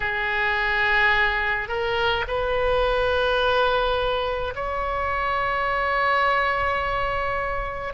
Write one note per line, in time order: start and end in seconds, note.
0.00 1.68 G#4
1.68 2.24 A#4
2.27 4.54 B4
4.55 7.93 C#5